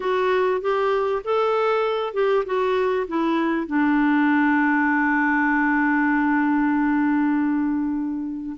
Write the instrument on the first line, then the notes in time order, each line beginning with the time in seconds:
clarinet
0.00 F#4
0.61 G4
1.24 A4
2.13 G4
2.45 F#4
3.08 E4
3.66 D4